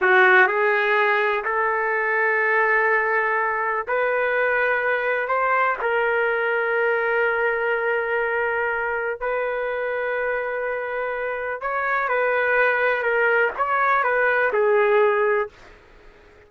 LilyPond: \new Staff \with { instrumentName = "trumpet" } { \time 4/4 \tempo 4 = 124 fis'4 gis'2 a'4~ | a'1 | b'2. c''4 | ais'1~ |
ais'2. b'4~ | b'1 | cis''4 b'2 ais'4 | cis''4 b'4 gis'2 | }